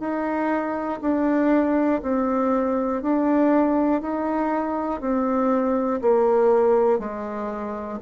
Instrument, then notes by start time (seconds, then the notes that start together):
bassoon
0.00 D#4
1.02 D4
2.02 C4
3.02 D4
4.02 D#4
5.01 C4
6.02 A#3
7.00 G#3